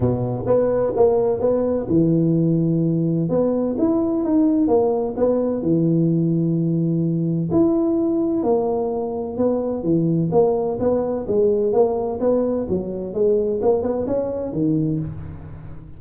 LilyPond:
\new Staff \with { instrumentName = "tuba" } { \time 4/4 \tempo 4 = 128 b,4 b4 ais4 b4 | e2. b4 | e'4 dis'4 ais4 b4 | e1 |
e'2 ais2 | b4 e4 ais4 b4 | gis4 ais4 b4 fis4 | gis4 ais8 b8 cis'4 dis4 | }